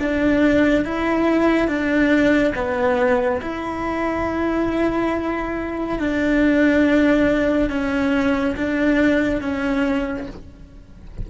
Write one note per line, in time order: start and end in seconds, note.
0.00 0.85 D4
0.85 1.68 E4
1.68 2.54 D4
2.56 3.41 B3
3.42 5.99 E4
5.99 7.70 D4
7.70 8.56 C#4
8.56 9.42 D4
9.42 10.27 C#4